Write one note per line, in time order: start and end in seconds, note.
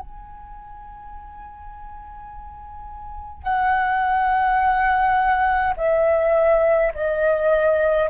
0.00 3.44 G#5
3.44 5.74 F#5
5.77 6.93 E5
6.95 8.10 D#5